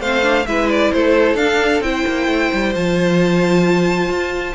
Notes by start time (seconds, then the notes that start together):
0.00 A3 C4 C5 F5
0.22 D4
0.46 G#3 E4 B4 E5
0.70 D5
0.92 A3 A4 C5
1.35 D4 F5
1.80 C4 E4 C5 G5
2.07 A#3
2.27 A3
2.53 G3
2.74 F3 F4 A5
4.08 F4